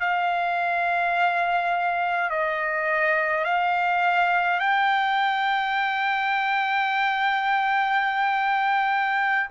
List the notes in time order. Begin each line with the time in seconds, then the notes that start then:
0.00 F5
2.30 D#5
3.45 F5
4.60 G5